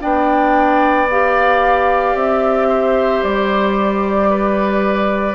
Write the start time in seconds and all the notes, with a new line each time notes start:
0.00 B3 D4 D5 G5
1.11 G4 F5
2.15 C4 E5
2.69 C5
3.23 G3 D5
4.30 B4